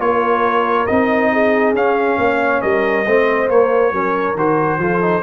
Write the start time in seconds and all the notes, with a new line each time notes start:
0.00 A#3 F4 A#4 C#5
0.87 C4 D#4 D#5
1.33 G#4
1.74 C#4 F5
2.18 A#3 C#5
2.62 G3 A#4 D#5
3.06 A3 C4 C5
3.49 A#3 C#5
3.93 F#3 C#4 A#4
4.35 D#3 F#4 C5
4.79 F3 F4 A4
5.02 D#4